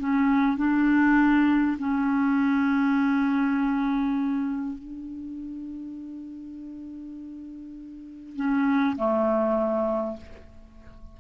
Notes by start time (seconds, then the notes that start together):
0.00 C#4
0.58 D4
1.79 C#4
4.79 D4
8.37 C#4
8.97 A3